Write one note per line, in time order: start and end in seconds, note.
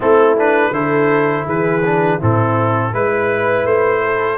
0.00 0.71 A3
0.00 0.36 C4
0.00 0.70 E4
0.00 0.37 A4
0.36 0.72 D4
0.36 0.73 B4
0.71 1.44 D3
0.71 1.82 E4
0.71 1.46 A4
0.71 1.46 C5
1.45 2.19 E3
1.45 2.18 G#4
1.45 2.21 B4
1.84 2.20 D4
2.18 2.94 A2
2.18 2.92 C4
2.18 2.91 E4
2.18 2.94 A4
2.92 3.64 G#3
2.92 4.37 E4
2.92 4.03 B4
2.92 3.66 B4
3.64 4.37 A3
3.64 4.37 C5
4.03 4.37 A4